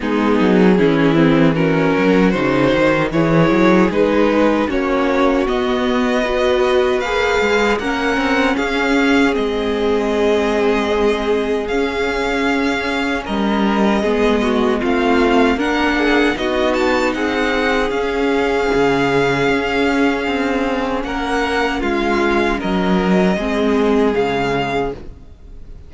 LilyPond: <<
  \new Staff \with { instrumentName = "violin" } { \time 4/4 \tempo 4 = 77 gis'2 ais'4 c''4 | cis''4 b'4 cis''4 dis''4~ | dis''4 f''4 fis''4 f''4 | dis''2. f''4~ |
f''4 dis''2 f''4 | fis''4 dis''8 a''8 fis''4 f''4~ | f''2. fis''4 | f''4 dis''2 f''4 | }
  \new Staff \with { instrumentName = "violin" } { \time 4/4 dis'4 e'4 fis'2 | gis'2 fis'2 | b'2 ais'4 gis'4~ | gis'1~ |
gis'4 ais'4 gis'8 fis'8 f'4 | ais'8 gis'8 fis'4 gis'2~ | gis'2. ais'4 | f'4 ais'4 gis'2 | }
  \new Staff \with { instrumentName = "viola" } { \time 4/4 b4 cis'8 c'8 cis'4 dis'4 | e'4 dis'4 cis'4 b4 | fis'4 gis'4 cis'2 | c'2. cis'4~ |
cis'2 b4 c'4 | d'4 dis'2 cis'4~ | cis'1~ | cis'2 c'4 gis4 | }
  \new Staff \with { instrumentName = "cello" } { \time 4/4 gis8 fis8 e4. fis8 cis8 dis8 | e8 fis8 gis4 ais4 b4~ | b4 ais8 gis8 ais8 c'8 cis'4 | gis2. cis'4~ |
cis'4 g4 gis4 a4 | ais4 b4 c'4 cis'4 | cis4 cis'4 c'4 ais4 | gis4 fis4 gis4 cis4 | }
>>